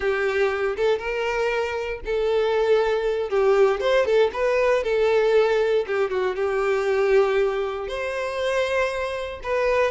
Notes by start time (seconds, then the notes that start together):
0.00 G4
0.76 A4
0.98 A#4
2.05 A4
3.29 G4
3.80 C5
4.05 A4
4.33 B4
4.83 A4
5.86 G4
6.10 F#4
6.35 G4
7.87 C5
9.43 B4